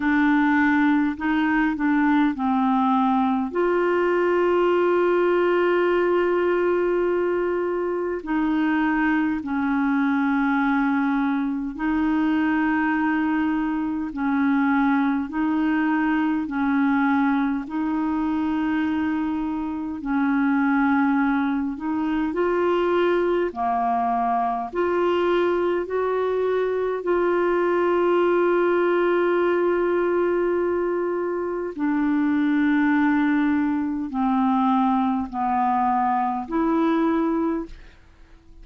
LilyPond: \new Staff \with { instrumentName = "clarinet" } { \time 4/4 \tempo 4 = 51 d'4 dis'8 d'8 c'4 f'4~ | f'2. dis'4 | cis'2 dis'2 | cis'4 dis'4 cis'4 dis'4~ |
dis'4 cis'4. dis'8 f'4 | ais4 f'4 fis'4 f'4~ | f'2. d'4~ | d'4 c'4 b4 e'4 | }